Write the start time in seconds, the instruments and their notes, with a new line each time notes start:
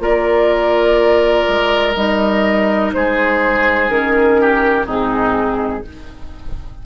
0.00 bassoon A#3, clarinet F4, oboe A#4, flute D5
1.49 bassoon G#3
1.94 bassoon G3, clarinet D#4, flute D#5
2.94 bassoon G#3, oboe G#4, flute C5
3.90 bassoon D#3, clarinet C#4, flute A#4
4.41 oboe G4
4.86 bassoon G#2, clarinet C4, oboe D#4, flute G#4